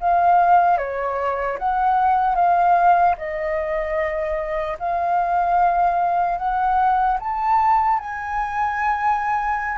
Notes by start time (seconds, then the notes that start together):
0.00 F5
0.78 C#5
1.59 F#5
2.35 F5
3.18 D#5
4.79 F5
6.38 F#5
7.20 A5
7.99 G#5